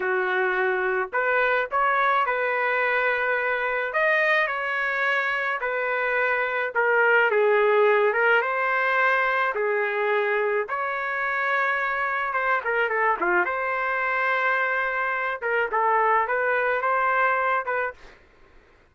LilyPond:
\new Staff \with { instrumentName = "trumpet" } { \time 4/4 \tempo 4 = 107 fis'2 b'4 cis''4 | b'2. dis''4 | cis''2 b'2 | ais'4 gis'4. ais'8 c''4~ |
c''4 gis'2 cis''4~ | cis''2 c''8 ais'8 a'8 f'8 | c''2.~ c''8 ais'8 | a'4 b'4 c''4. b'8 | }